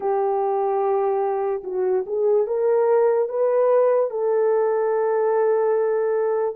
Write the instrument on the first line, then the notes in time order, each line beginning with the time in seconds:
horn
0.00 G4
1.63 F#4
2.06 G#4
2.47 A#4
3.28 B4
4.10 A4